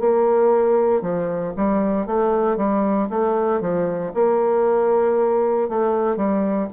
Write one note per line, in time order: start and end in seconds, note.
0.00 1.02 A#3
1.02 1.54 F3
1.57 2.07 G3
2.07 2.57 A3
2.57 3.09 G3
3.10 3.61 A3
3.61 4.13 F3
4.14 5.69 A#3
5.69 6.17 A3
6.17 6.69 G3